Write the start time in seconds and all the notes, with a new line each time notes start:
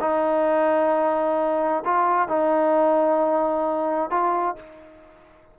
0.00 D#4
1.84 F4
2.28 D#4
4.10 F4